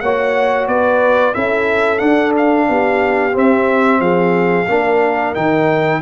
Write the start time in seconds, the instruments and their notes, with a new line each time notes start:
0.00 tuba A#3, trombone F#4, horn C#5, trumpet F#5
0.67 tuba B3, horn B4, trumpet D5
1.33 tuba C#4, trombone E4, horn A4, trumpet E5
1.98 trombone D4, tuba D4, trumpet F#5
2.37 trumpet F5
2.69 tuba B3, horn G4
3.32 trombone C4, tuba C4, trumpet E5
4.00 tuba F3, horn G#4, trumpet F5
4.69 tuba A#3, trombone D4, horn A#4
5.35 tuba D#3, trombone D#4, trumpet G5